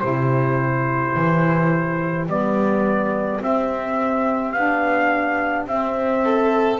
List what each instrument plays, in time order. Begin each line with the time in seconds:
0.00 double bass C3, saxophone E4, violin G4, trumpet C5
1.16 double bass E3
2.27 double bass G3, saxophone B3, trumpet D5
3.41 double bass C4, saxophone C4, trumpet E5
4.53 double bass B3, saxophone D4, trumpet F5
5.67 double bass C4, saxophone C4, trumpet E5
6.25 violin A4